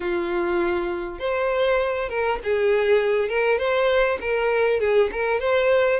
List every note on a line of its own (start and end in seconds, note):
0.00 1.19 F4
1.19 2.09 C5
2.09 2.39 A#4
2.43 3.28 G#4
3.28 3.58 A#4
3.58 4.18 C5
4.20 4.80 A#4
4.80 5.10 G#4
5.12 5.40 A#4
5.40 6.00 C5